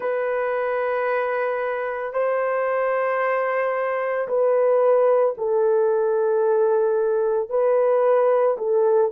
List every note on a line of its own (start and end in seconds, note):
0.00 2.13 B4
2.13 4.27 C5
4.28 5.35 B4
5.37 7.49 A4
7.49 8.56 B4
8.57 9.11 A4